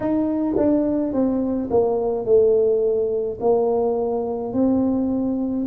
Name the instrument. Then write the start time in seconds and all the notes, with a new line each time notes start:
tuba
0.00 D#4
0.57 D4
1.12 C4
1.70 A#3
2.25 A3
3.40 A#3
4.53 C4